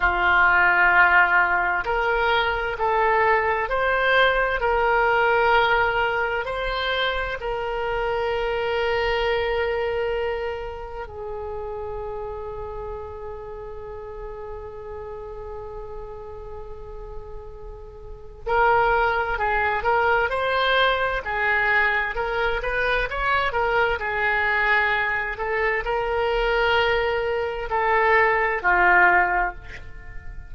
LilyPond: \new Staff \with { instrumentName = "oboe" } { \time 4/4 \tempo 4 = 65 f'2 ais'4 a'4 | c''4 ais'2 c''4 | ais'1 | gis'1~ |
gis'1 | ais'4 gis'8 ais'8 c''4 gis'4 | ais'8 b'8 cis''8 ais'8 gis'4. a'8 | ais'2 a'4 f'4 | }